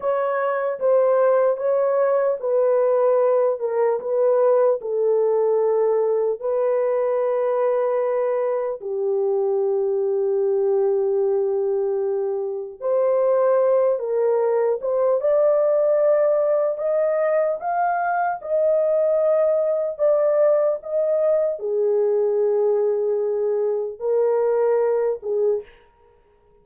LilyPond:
\new Staff \with { instrumentName = "horn" } { \time 4/4 \tempo 4 = 75 cis''4 c''4 cis''4 b'4~ | b'8 ais'8 b'4 a'2 | b'2. g'4~ | g'1 |
c''4. ais'4 c''8 d''4~ | d''4 dis''4 f''4 dis''4~ | dis''4 d''4 dis''4 gis'4~ | gis'2 ais'4. gis'8 | }